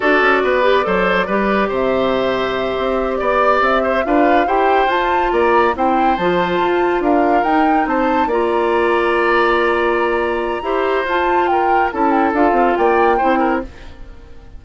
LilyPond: <<
  \new Staff \with { instrumentName = "flute" } { \time 4/4 \tempo 4 = 141 d''1 | e''2.~ e''8 d''8~ | d''8 e''4 f''4 g''4 a''8~ | a''8 ais''4 g''4 a''4.~ |
a''8 f''4 g''4 a''4 ais''8~ | ais''1~ | ais''2 a''4 g''4 | a''8 g''8 f''4 g''2 | }
  \new Staff \with { instrumentName = "oboe" } { \time 4/4 a'4 b'4 c''4 b'4 | c''2.~ c''8 d''8~ | d''4 c''8 b'4 c''4.~ | c''8 d''4 c''2~ c''8~ |
c''8 ais'2 c''4 d''8~ | d''1~ | d''4 c''2 ais'4 | a'2 d''4 c''8 ais'8 | }
  \new Staff \with { instrumentName = "clarinet" } { \time 4/4 fis'4. g'8 a'4 g'4~ | g'1~ | g'4. f'4 g'4 f'8~ | f'4. e'4 f'4.~ |
f'4. dis'2 f'8~ | f'1~ | f'4 g'4 f'2 | e'4 f'2 e'4 | }
  \new Staff \with { instrumentName = "bassoon" } { \time 4/4 d'8 cis'8 b4 fis4 g4 | c2~ c8 c'4 b8~ | b8 c'4 d'4 e'4 f'8~ | f'8 ais4 c'4 f4 f'8~ |
f'8 d'4 dis'4 c'4 ais8~ | ais1~ | ais4 e'4 f'2 | cis'4 d'8 c'8 ais4 c'4 | }
>>